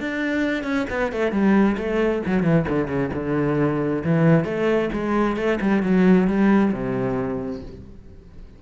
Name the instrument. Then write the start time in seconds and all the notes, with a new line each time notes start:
cello
0.00 D4
0.64 C#4
0.89 B3
1.12 A3
1.31 G3
1.77 A3
2.26 F#3
2.43 E3
2.68 D3
2.88 C#3
3.14 D3
4.04 E3
4.44 A3
4.93 G#3
5.36 A3
5.61 G3
5.82 F#3
6.27 G3
6.72 C3